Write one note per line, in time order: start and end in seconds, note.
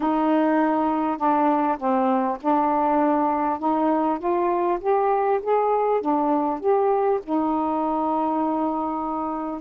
0.00 1.17 D#4
1.17 1.77 D4
1.77 2.37 C4
2.41 3.59 D4
3.59 4.18 D#4
4.18 4.78 F4
4.80 5.40 G4
5.42 6.01 G#4
6.01 6.60 D4
6.60 7.20 G4
7.23 9.61 D#4